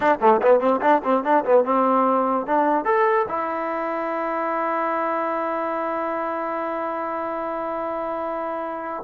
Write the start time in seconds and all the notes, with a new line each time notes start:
0.00 D4
0.20 A3
0.42 B3
0.59 C4
0.81 D4
1.03 C4
1.23 D4
1.44 B3
1.64 C4
2.46 D4
2.84 A4
3.28 E4